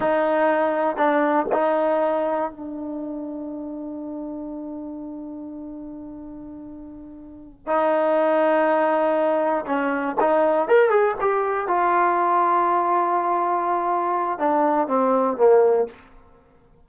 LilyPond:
\new Staff \with { instrumentName = "trombone" } { \time 4/4 \tempo 4 = 121 dis'2 d'4 dis'4~ | dis'4 d'2.~ | d'1~ | d'2.~ d'8 dis'8~ |
dis'2.~ dis'8 cis'8~ | cis'8 dis'4 ais'8 gis'8 g'4 f'8~ | f'1~ | f'4 d'4 c'4 ais4 | }